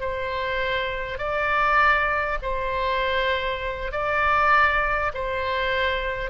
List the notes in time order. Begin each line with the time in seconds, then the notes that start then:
0.00 C5
1.18 D5
2.42 C5
3.91 D5
5.14 C5